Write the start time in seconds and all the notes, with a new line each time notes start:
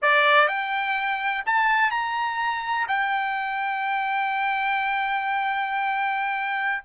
0.02 D5
0.47 G5
1.45 A5
1.90 A#5
2.88 G5